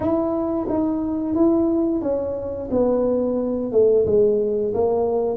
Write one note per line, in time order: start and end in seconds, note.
0.00 0.67 E4
0.69 1.35 D#4
1.35 2.01 E4
2.01 2.69 C#4
2.70 3.71 B3
3.72 4.05 A3
4.06 4.73 G#3
4.73 5.36 A#3